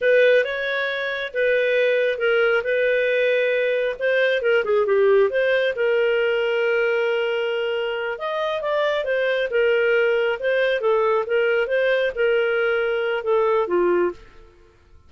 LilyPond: \new Staff \with { instrumentName = "clarinet" } { \time 4/4 \tempo 4 = 136 b'4 cis''2 b'4~ | b'4 ais'4 b'2~ | b'4 c''4 ais'8 gis'8 g'4 | c''4 ais'2.~ |
ais'2~ ais'8 dis''4 d''8~ | d''8 c''4 ais'2 c''8~ | c''8 a'4 ais'4 c''4 ais'8~ | ais'2 a'4 f'4 | }